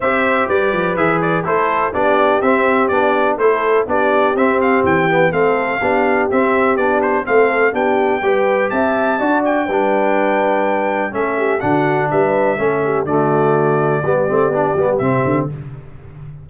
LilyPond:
<<
  \new Staff \with { instrumentName = "trumpet" } { \time 4/4 \tempo 4 = 124 e''4 d''4 e''8 d''8 c''4 | d''4 e''4 d''4 c''4 | d''4 e''8 f''8 g''4 f''4~ | f''4 e''4 d''8 c''8 f''4 |
g''2 a''4. g''8~ | g''2. e''4 | fis''4 e''2 d''4~ | d''2. e''4 | }
  \new Staff \with { instrumentName = "horn" } { \time 4/4 c''4 b'2 a'4 | g'2. a'4 | g'2. a'4 | g'2. a'4 |
g'4 b'4 e''4 d''4 | b'2. a'8 g'8 | fis'4 b'4 a'8 g'8 fis'4~ | fis'4 g'2. | }
  \new Staff \with { instrumentName = "trombone" } { \time 4/4 g'2 gis'4 e'4 | d'4 c'4 d'4 e'4 | d'4 c'4. b8 c'4 | d'4 c'4 d'4 c'4 |
d'4 g'2 fis'4 | d'2. cis'4 | d'2 cis'4 a4~ | a4 b8 c'8 d'8 b8 c'4 | }
  \new Staff \with { instrumentName = "tuba" } { \time 4/4 c'4 g8 f8 e4 a4 | b4 c'4 b4 a4 | b4 c'4 e4 a4 | b4 c'4 b4 a4 |
b4 g4 c'4 d'4 | g2. a4 | d4 g4 a4 d4~ | d4 g8 a8 b8 g8 c8 d8 | }
>>